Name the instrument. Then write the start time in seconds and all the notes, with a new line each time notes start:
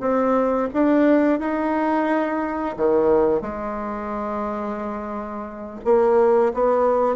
bassoon
0.00 C4
0.73 D4
1.39 D#4
2.76 D#3
3.41 G#3
5.84 A#3
6.53 B3